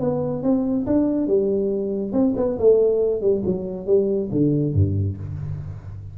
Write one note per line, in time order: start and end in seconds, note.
0.00 0.43 B3
0.43 0.86 C4
0.87 1.27 D4
1.27 2.12 G3
2.12 2.34 C4
2.37 2.58 B3
2.59 3.21 A3
3.21 3.43 G3
3.46 3.87 F#3
3.87 4.30 G3
4.32 4.74 D3
4.74 5.17 G2